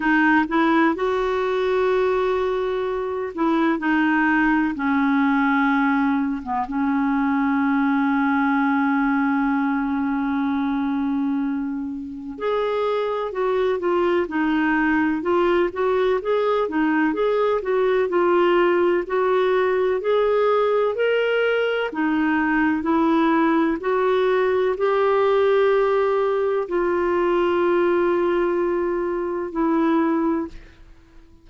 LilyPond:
\new Staff \with { instrumentName = "clarinet" } { \time 4/4 \tempo 4 = 63 dis'8 e'8 fis'2~ fis'8 e'8 | dis'4 cis'4.~ cis'16 b16 cis'4~ | cis'1~ | cis'4 gis'4 fis'8 f'8 dis'4 |
f'8 fis'8 gis'8 dis'8 gis'8 fis'8 f'4 | fis'4 gis'4 ais'4 dis'4 | e'4 fis'4 g'2 | f'2. e'4 | }